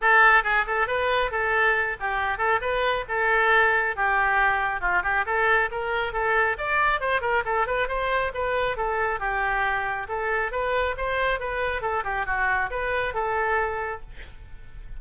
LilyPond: \new Staff \with { instrumentName = "oboe" } { \time 4/4 \tempo 4 = 137 a'4 gis'8 a'8 b'4 a'4~ | a'8 g'4 a'8 b'4 a'4~ | a'4 g'2 f'8 g'8 | a'4 ais'4 a'4 d''4 |
c''8 ais'8 a'8 b'8 c''4 b'4 | a'4 g'2 a'4 | b'4 c''4 b'4 a'8 g'8 | fis'4 b'4 a'2 | }